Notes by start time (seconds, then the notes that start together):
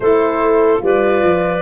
0.00 A3 E4 A4 C5
0.78 G3 F4 B4 D5
1.23 F3